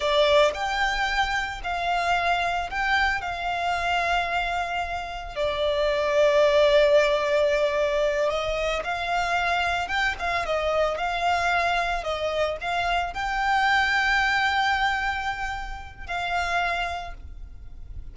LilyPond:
\new Staff \with { instrumentName = "violin" } { \time 4/4 \tempo 4 = 112 d''4 g''2 f''4~ | f''4 g''4 f''2~ | f''2 d''2~ | d''2.~ d''8 dis''8~ |
dis''8 f''2 g''8 f''8 dis''8~ | dis''8 f''2 dis''4 f''8~ | f''8 g''2.~ g''8~ | g''2 f''2 | }